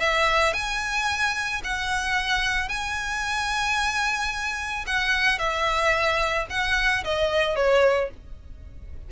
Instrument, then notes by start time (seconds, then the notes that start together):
violin
0.00 E5
0.54 G#5
1.64 F#5
2.69 G#5
4.87 F#5
5.39 E5
6.50 F#5
7.05 D#5
7.56 C#5